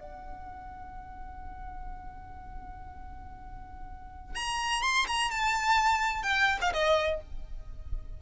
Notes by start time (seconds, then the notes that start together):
0.00 F#5
4.35 A#5
4.82 C6
5.07 A#5
5.30 A5
6.23 G5
6.61 F5
6.73 D#5